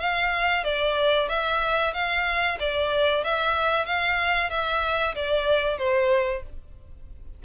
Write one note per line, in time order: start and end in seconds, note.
0.00 0.65 F5
0.65 1.29 D5
1.29 1.94 E5
1.94 2.59 F5
2.60 3.25 D5
3.25 3.86 E5
3.86 4.51 F5
4.51 5.15 E5
5.16 5.79 D5
5.79 6.43 C5